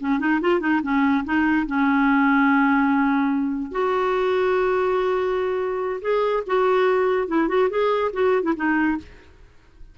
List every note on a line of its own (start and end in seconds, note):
0.00 0.19 C#4
0.19 0.40 D#4
0.41 0.60 F4
0.60 0.81 D#4
0.82 1.24 C#4
1.25 1.66 D#4
1.66 3.71 C#4
3.71 6.01 F#4
6.01 6.43 G#4
6.46 7.28 F#4
7.28 7.48 E4
7.48 7.69 F#4
7.70 8.11 G#4
8.13 8.43 F#4
8.43 8.53 E4
8.56 8.98 D#4